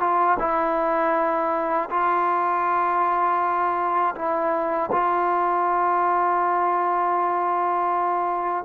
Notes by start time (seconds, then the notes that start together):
0.00 F4
0.39 E4
1.90 F4
4.15 E4
4.92 F4